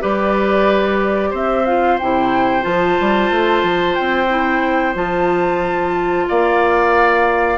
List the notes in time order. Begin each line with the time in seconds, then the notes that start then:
0.00 G3 G4 B4 D5
1.31 C4 C5 E5
1.66 F4 F5
1.99 C3 E4 G5
2.62 F3 F4 A5
3.00 G3
3.31 A3
3.63 F3
3.95 C4 G5
4.29 E4
4.95 F3 F4 A5
6.28 A#3 D5 F5